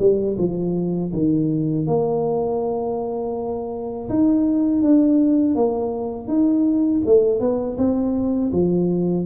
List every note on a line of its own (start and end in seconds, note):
0.00 0.37 G3
0.38 1.12 F3
1.13 1.87 D#3
1.87 4.09 A#3
4.10 4.82 D#4
4.82 5.56 D4
5.56 6.28 A#3
6.28 7.02 D#4
7.06 7.40 A3
7.40 7.77 B3
7.78 8.52 C4
8.52 9.26 F3